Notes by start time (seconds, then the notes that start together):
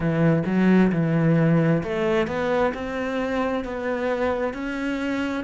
0.00 E3
0.45 F#3
0.91 E3
1.83 A3
2.27 B3
2.74 C4
3.64 B3
4.53 C#4